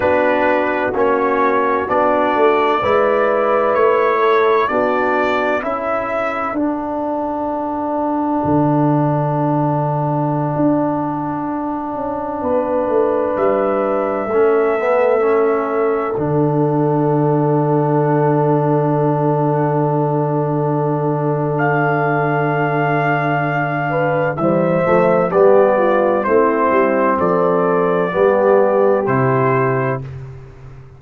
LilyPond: <<
  \new Staff \with { instrumentName = "trumpet" } { \time 4/4 \tempo 4 = 64 b'4 cis''4 d''2 | cis''4 d''4 e''4 fis''4~ | fis''1~ | fis''2~ fis''16 e''4.~ e''16~ |
e''4~ e''16 fis''2~ fis''8.~ | fis''2. f''4~ | f''2 e''4 d''4 | c''4 d''2 c''4 | }
  \new Staff \with { instrumentName = "horn" } { \time 4/4 fis'2. b'4~ | b'8 a'8 fis'4 a'2~ | a'1~ | a'4~ a'16 b'2 a'8.~ |
a'1~ | a'1~ | a'4. b'8 c''4 g'8 f'8 | e'4 a'4 g'2 | }
  \new Staff \with { instrumentName = "trombone" } { \time 4/4 d'4 cis'4 d'4 e'4~ | e'4 d'4 e'4 d'4~ | d'1~ | d'2.~ d'16 cis'8 b16~ |
b16 cis'4 d'2~ d'8.~ | d'1~ | d'2 g8 a8 b4 | c'2 b4 e'4 | }
  \new Staff \with { instrumentName = "tuba" } { \time 4/4 b4 ais4 b8 a8 gis4 | a4 b4 cis'4 d'4~ | d'4 d2~ d16 d'8.~ | d'8. cis'8 b8 a8 g4 a8.~ |
a4~ a16 d2~ d8.~ | d1~ | d2 e8 f8 g4 | a8 g8 f4 g4 c4 | }
>>